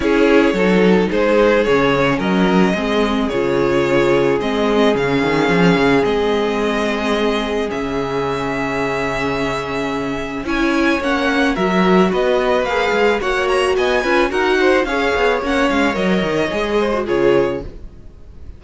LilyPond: <<
  \new Staff \with { instrumentName = "violin" } { \time 4/4 \tempo 4 = 109 cis''2 c''4 cis''4 | dis''2 cis''2 | dis''4 f''2 dis''4~ | dis''2 e''2~ |
e''2. gis''4 | fis''4 e''4 dis''4 f''4 | fis''8 ais''8 gis''4 fis''4 f''4 | fis''8 f''8 dis''2 cis''4 | }
  \new Staff \with { instrumentName = "violin" } { \time 4/4 gis'4 a'4 gis'2 | ais'4 gis'2.~ | gis'1~ | gis'1~ |
gis'2. cis''4~ | cis''4 ais'4 b'2 | cis''4 dis''8 b'8 ais'8 c''8 cis''4~ | cis''2~ cis''8 c''8 gis'4 | }
  \new Staff \with { instrumentName = "viola" } { \time 4/4 e'4 dis'2 cis'4~ | cis'4 c'4 f'2 | c'4 cis'2 c'4~ | c'2 cis'2~ |
cis'2. e'4 | cis'4 fis'2 gis'4 | fis'4. f'8 fis'4 gis'4 | cis'4 ais'4 gis'8. fis'16 f'4 | }
  \new Staff \with { instrumentName = "cello" } { \time 4/4 cis'4 fis4 gis4 cis4 | fis4 gis4 cis2 | gis4 cis8 dis8 f8 cis8 gis4~ | gis2 cis2~ |
cis2. cis'4 | ais4 fis4 b4 ais8 gis8 | ais4 b8 cis'8 dis'4 cis'8 b8 | ais8 gis8 fis8 dis8 gis4 cis4 | }
>>